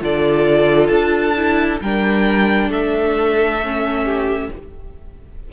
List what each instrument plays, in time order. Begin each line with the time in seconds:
0.00 cello D3, viola F4, violin A4 D5
0.88 cello D4, violin A5
1.35 viola E4
1.81 cello G3, viola D4, violin A#4 G5
2.69 cello A3, violin A4 E5
3.63 viola C#4
4.03 violin G4